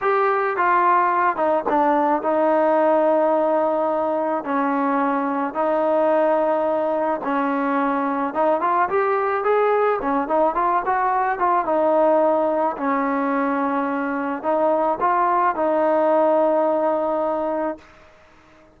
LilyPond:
\new Staff \with { instrumentName = "trombone" } { \time 4/4 \tempo 4 = 108 g'4 f'4. dis'8 d'4 | dis'1 | cis'2 dis'2~ | dis'4 cis'2 dis'8 f'8 |
g'4 gis'4 cis'8 dis'8 f'8 fis'8~ | fis'8 f'8 dis'2 cis'4~ | cis'2 dis'4 f'4 | dis'1 | }